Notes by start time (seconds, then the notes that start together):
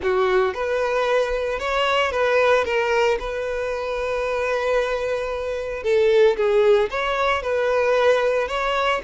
0.02 F#4
0.53 B4
1.59 C#5
2.11 B4
2.64 A#4
3.19 B4
5.83 A4
6.36 G#4
6.90 C#5
7.42 B4
8.48 C#5